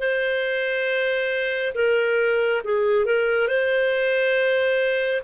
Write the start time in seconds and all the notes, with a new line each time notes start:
0.00 C5
1.75 A#4
2.65 G#4
3.06 A#4
3.48 C5